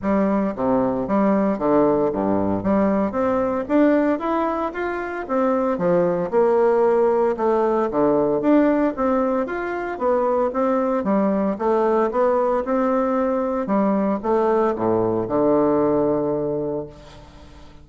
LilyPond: \new Staff \with { instrumentName = "bassoon" } { \time 4/4 \tempo 4 = 114 g4 c4 g4 d4 | g,4 g4 c'4 d'4 | e'4 f'4 c'4 f4 | ais2 a4 d4 |
d'4 c'4 f'4 b4 | c'4 g4 a4 b4 | c'2 g4 a4 | a,4 d2. | }